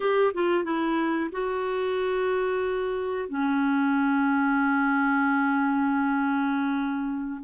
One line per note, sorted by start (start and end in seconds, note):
0.00 0.32 G4
0.34 0.64 F4
0.64 1.30 E4
1.32 3.28 F#4
3.28 7.41 C#4